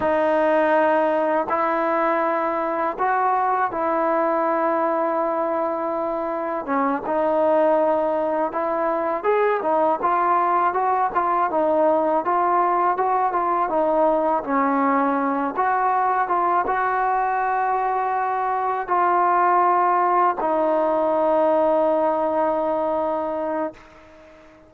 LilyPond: \new Staff \with { instrumentName = "trombone" } { \time 4/4 \tempo 4 = 81 dis'2 e'2 | fis'4 e'2.~ | e'4 cis'8 dis'2 e'8~ | e'8 gis'8 dis'8 f'4 fis'8 f'8 dis'8~ |
dis'8 f'4 fis'8 f'8 dis'4 cis'8~ | cis'4 fis'4 f'8 fis'4.~ | fis'4. f'2 dis'8~ | dis'1 | }